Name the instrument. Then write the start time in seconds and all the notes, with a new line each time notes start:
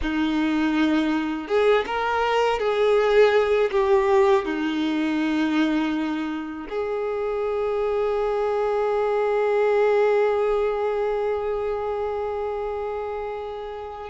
violin
0.01 D#4
1.47 G#4
1.86 A#4
2.59 G#4
3.71 G4
4.45 D#4
6.69 G#4